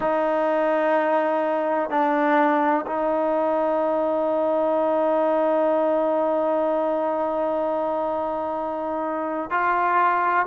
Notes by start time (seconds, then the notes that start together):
0.00 D#4
1.90 D4
2.86 D#4
9.50 F4